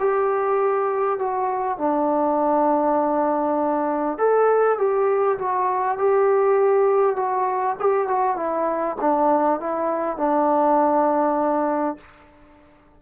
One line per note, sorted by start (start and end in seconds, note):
0.00 1.19 G4
1.19 1.78 F#4
1.78 4.18 D4
4.18 4.78 A4
4.78 5.38 G4
5.39 5.98 F#4
5.98 7.16 G4
7.16 7.76 F#4
7.80 8.08 G4
8.08 8.37 F#4
8.37 8.97 E4
9.01 9.60 D4
9.60 10.17 E4
10.17 11.97 D4